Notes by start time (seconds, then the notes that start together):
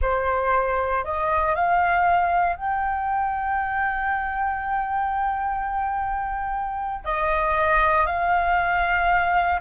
0.01 C5
1.04 D#5
1.55 F5
2.56 G5
7.04 D#5
8.06 F5